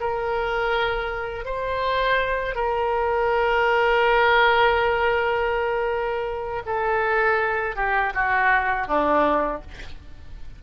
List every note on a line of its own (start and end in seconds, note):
0.00 1.45 A#4
1.45 2.55 C5
2.55 6.62 A#4
6.66 7.76 A4
7.76 8.13 G4
8.14 8.87 F#4
8.87 9.61 D4